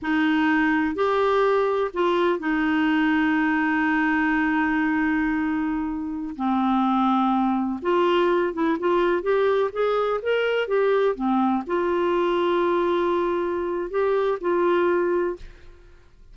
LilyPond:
\new Staff \with { instrumentName = "clarinet" } { \time 4/4 \tempo 4 = 125 dis'2 g'2 | f'4 dis'2.~ | dis'1~ | dis'4~ dis'16 c'2~ c'8.~ |
c'16 f'4. e'8 f'4 g'8.~ | g'16 gis'4 ais'4 g'4 c'8.~ | c'16 f'2.~ f'8.~ | f'4 g'4 f'2 | }